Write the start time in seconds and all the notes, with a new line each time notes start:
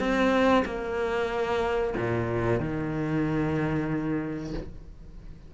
0.00 C4
0.66 A#3
1.97 A#2
2.61 D#3